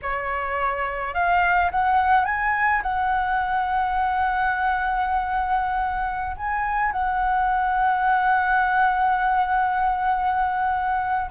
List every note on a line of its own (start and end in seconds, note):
0.02 1.14 C#5
1.14 1.70 F5
1.71 2.25 F#5
2.25 2.81 G#5
2.82 6.36 F#5
6.36 6.92 G#5
6.92 11.31 F#5